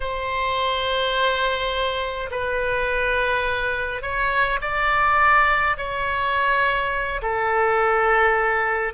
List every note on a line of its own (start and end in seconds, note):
0.00 2.30 C5
2.31 4.02 B4
4.02 4.59 C#5
4.61 5.76 D5
5.77 7.21 C#5
7.22 8.93 A4